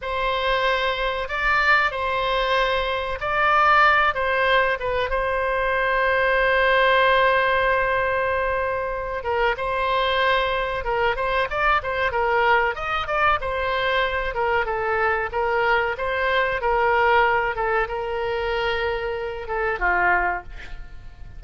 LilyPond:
\new Staff \with { instrumentName = "oboe" } { \time 4/4 \tempo 4 = 94 c''2 d''4 c''4~ | c''4 d''4. c''4 b'8 | c''1~ | c''2~ c''8 ais'8 c''4~ |
c''4 ais'8 c''8 d''8 c''8 ais'4 | dis''8 d''8 c''4. ais'8 a'4 | ais'4 c''4 ais'4. a'8 | ais'2~ ais'8 a'8 f'4 | }